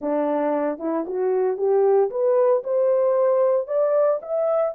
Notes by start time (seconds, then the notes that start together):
0.01 D4
0.78 E4
1.06 F#4
1.57 G4
2.10 B4
2.63 C5
3.67 D5
4.22 E5